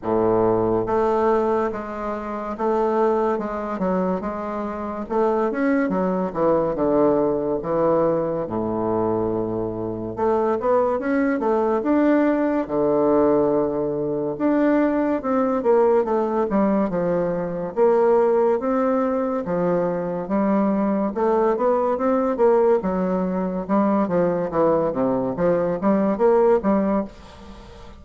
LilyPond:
\new Staff \with { instrumentName = "bassoon" } { \time 4/4 \tempo 4 = 71 a,4 a4 gis4 a4 | gis8 fis8 gis4 a8 cis'8 fis8 e8 | d4 e4 a,2 | a8 b8 cis'8 a8 d'4 d4~ |
d4 d'4 c'8 ais8 a8 g8 | f4 ais4 c'4 f4 | g4 a8 b8 c'8 ais8 fis4 | g8 f8 e8 c8 f8 g8 ais8 g8 | }